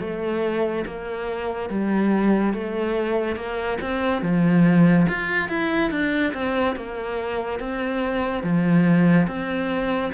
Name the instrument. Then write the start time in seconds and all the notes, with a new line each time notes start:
cello
0.00 A3
0.86 A#3
1.69 G3
2.54 A3
3.36 A#3
3.81 C4
4.22 F3
5.08 F4
5.49 E4
5.91 D4
6.33 C4
6.76 A#3
7.59 C4
8.43 F3
9.27 C4